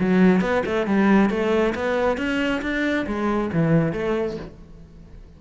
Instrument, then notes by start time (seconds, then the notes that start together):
cello
0.00 F#3
0.42 B3
0.66 A3
0.87 G3
1.30 A3
1.75 B3
2.18 C#4
2.62 D4
3.07 G#3
3.53 E3
3.93 A3